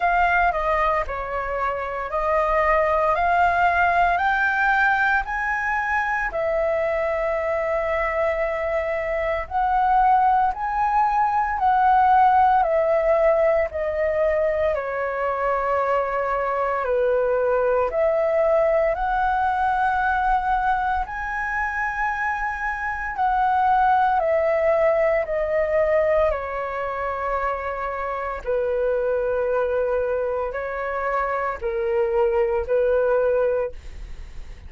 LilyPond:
\new Staff \with { instrumentName = "flute" } { \time 4/4 \tempo 4 = 57 f''8 dis''8 cis''4 dis''4 f''4 | g''4 gis''4 e''2~ | e''4 fis''4 gis''4 fis''4 | e''4 dis''4 cis''2 |
b'4 e''4 fis''2 | gis''2 fis''4 e''4 | dis''4 cis''2 b'4~ | b'4 cis''4 ais'4 b'4 | }